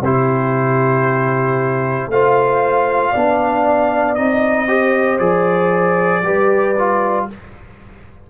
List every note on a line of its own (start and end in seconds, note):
0.00 2.07 C3
0.00 2.11 E4
0.00 2.11 G4
0.00 2.11 C5
2.08 3.11 A3
2.08 3.15 F4
2.08 3.11 C5
2.08 4.15 F5
3.11 4.18 B3
3.11 4.16 D4
3.11 4.66 D5
4.15 5.19 C4
4.15 4.67 D#4
4.15 5.18 D#5
4.67 5.19 G4
4.67 6.23 C5
5.19 6.22 F3
5.19 6.22 G#4
5.19 7.26 D5
6.22 7.26 G3
6.22 6.75 G4
6.22 7.28 B4
6.78 7.30 F4